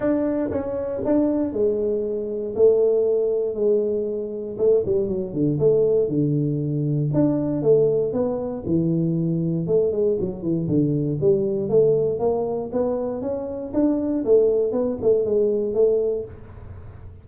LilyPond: \new Staff \with { instrumentName = "tuba" } { \time 4/4 \tempo 4 = 118 d'4 cis'4 d'4 gis4~ | gis4 a2 gis4~ | gis4 a8 g8 fis8 d8 a4 | d2 d'4 a4 |
b4 e2 a8 gis8 | fis8 e8 d4 g4 a4 | ais4 b4 cis'4 d'4 | a4 b8 a8 gis4 a4 | }